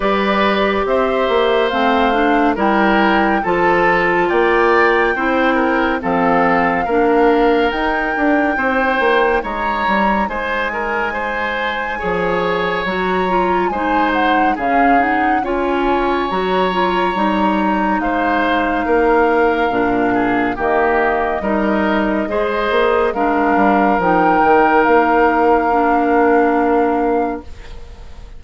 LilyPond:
<<
  \new Staff \with { instrumentName = "flute" } { \time 4/4 \tempo 4 = 70 d''4 e''4 f''4 g''4 | a''4 g''2 f''4~ | f''4 g''2 ais''4 | gis''2. ais''4 |
gis''8 fis''8 f''8 fis''8 gis''4 ais''4~ | ais''4 f''2. | dis''2. f''4 | g''4 f''2. | }
  \new Staff \with { instrumentName = "oboe" } { \time 4/4 b'4 c''2 ais'4 | a'4 d''4 c''8 ais'8 a'4 | ais'2 c''4 cis''4 | c''8 ais'8 c''4 cis''2 |
c''4 gis'4 cis''2~ | cis''4 c''4 ais'4. gis'8 | g'4 ais'4 c''4 ais'4~ | ais'1 | }
  \new Staff \with { instrumentName = "clarinet" } { \time 4/4 g'2 c'8 d'8 e'4 | f'2 e'4 c'4 | d'4 dis'2.~ | dis'2 gis'4 fis'8 f'8 |
dis'4 cis'8 dis'8 f'4 fis'8 f'8 | dis'2. d'4 | ais4 dis'4 gis'4 d'4 | dis'2 d'2 | }
  \new Staff \with { instrumentName = "bassoon" } { \time 4/4 g4 c'8 ais8 a4 g4 | f4 ais4 c'4 f4 | ais4 dis'8 d'8 c'8 ais8 gis8 g8 | gis2 f4 fis4 |
gis4 cis4 cis'4 fis4 | g4 gis4 ais4 ais,4 | dis4 g4 gis8 ais8 gis8 g8 | f8 dis8 ais2. | }
>>